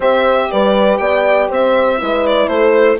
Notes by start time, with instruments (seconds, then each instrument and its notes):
0.00 bassoon C4, horn G4 C5, violin E5
0.51 bassoon G3, horn B4, violin D5
0.97 bassoon B3, horn D5, violin G5
1.49 bassoon C4, horn C5, violin E5
1.98 bassoon G#3, horn E4 B4
2.26 violin D5
2.47 bassoon A3, horn A4, violin C5